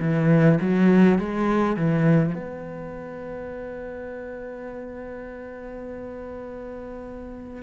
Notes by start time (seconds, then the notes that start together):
0.00 E3
0.61 F#3
1.18 G#3
1.76 E3
2.35 B3